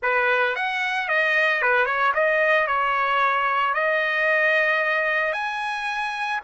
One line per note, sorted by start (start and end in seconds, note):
0.02 0.55 B4
0.55 1.08 F#5
1.08 1.61 D#5
1.61 1.85 B4
1.85 2.12 C#5
2.14 2.67 D#5
2.67 3.74 C#5
3.74 5.32 D#5
5.32 6.39 G#5